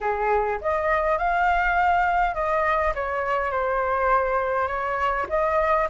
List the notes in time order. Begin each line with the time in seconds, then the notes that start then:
0.00 G#4
0.61 D#5
1.17 F5
2.34 D#5
2.94 C#5
3.51 C5
4.67 C#5
5.29 D#5